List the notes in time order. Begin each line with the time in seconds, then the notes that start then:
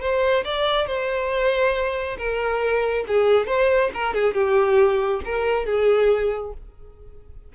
0.00 C5
0.44 D5
0.86 C5
2.18 A#4
3.07 G#4
3.47 C5
3.93 A#4
4.14 G#4
4.34 G4
5.24 A#4
5.65 G#4